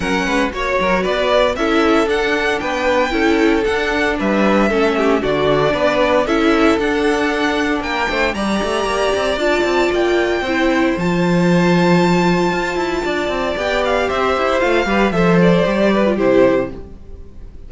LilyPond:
<<
  \new Staff \with { instrumentName = "violin" } { \time 4/4 \tempo 4 = 115 fis''4 cis''4 d''4 e''4 | fis''4 g''2 fis''4 | e''2 d''2 | e''4 fis''2 g''4 |
ais''2 a''4 g''4~ | g''4 a''2.~ | a''2 g''8 f''8 e''4 | f''4 e''8 d''4. c''4 | }
  \new Staff \with { instrumentName = "violin" } { \time 4/4 ais'8 b'8 cis''8 ais'8 b'4 a'4~ | a'4 b'4 a'2 | b'4 a'8 g'8 fis'4 b'4 | a'2. ais'8 c''8 |
d''1 | c''1~ | c''4 d''2 c''4~ | c''8 b'8 c''4. b'8 g'4 | }
  \new Staff \with { instrumentName = "viola" } { \time 4/4 cis'4 fis'2 e'4 | d'2 e'4 d'4~ | d'4 cis'4 d'2 | e'4 d'2. |
g'2 f'2 | e'4 f'2.~ | f'2 g'2 | f'8 g'8 a'4 g'8. f'16 e'4 | }
  \new Staff \with { instrumentName = "cello" } { \time 4/4 fis8 gis8 ais8 fis8 b4 cis'4 | d'4 b4 cis'4 d'4 | g4 a4 d4 b4 | cis'4 d'2 ais8 a8 |
g8 a8 ais8 c'8 d'8 c'8 ais4 | c'4 f2. | f'8 e'8 d'8 c'8 b4 c'8 e'8 | a8 g8 f4 g4 c4 | }
>>